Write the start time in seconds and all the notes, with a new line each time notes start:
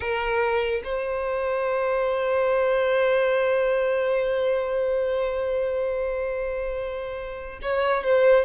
0.00 A#4
0.84 C5
7.62 C#5
8.03 C5